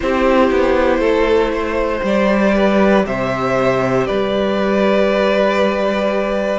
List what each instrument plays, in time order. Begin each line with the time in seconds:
0.00 cello C4, viola E4, violin G4 C5
0.50 cello B3
0.98 cello A3, violin A4
1.53 violin C5
2.02 cello G3, viola G4, violin D5
2.54 violin B4
3.06 cello C3, violin C5 E5
4.06 cello G3, violin B4 D5